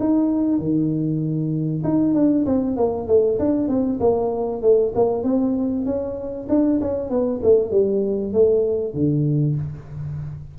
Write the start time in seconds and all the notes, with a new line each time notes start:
0.00 D#4
0.59 D#3
1.84 D#4
2.15 D4
2.46 C4
2.77 A#3
3.08 A3
3.39 D4
3.69 C4
4.00 A#3
4.62 A3
4.95 A#3
5.24 C4
5.86 C#4
6.49 D4
6.81 C#4
7.10 B3
7.43 A3
7.71 G3
8.33 A3
8.94 D3